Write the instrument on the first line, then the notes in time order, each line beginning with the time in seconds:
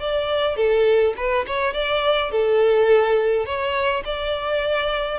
violin
0.00 D5
0.57 A4
1.17 B4
1.47 C#5
1.74 D5
2.32 A4
3.46 C#5
4.05 D5